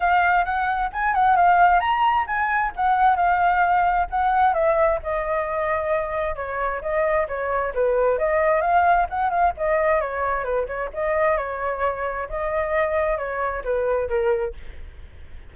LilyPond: \new Staff \with { instrumentName = "flute" } { \time 4/4 \tempo 4 = 132 f''4 fis''4 gis''8 fis''8 f''4 | ais''4 gis''4 fis''4 f''4~ | f''4 fis''4 e''4 dis''4~ | dis''2 cis''4 dis''4 |
cis''4 b'4 dis''4 f''4 | fis''8 f''8 dis''4 cis''4 b'8 cis''8 | dis''4 cis''2 dis''4~ | dis''4 cis''4 b'4 ais'4 | }